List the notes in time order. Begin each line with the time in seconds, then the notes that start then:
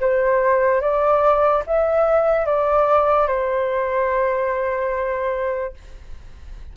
0.00 C5
0.81 D5
1.66 E5
2.46 D5
3.27 C5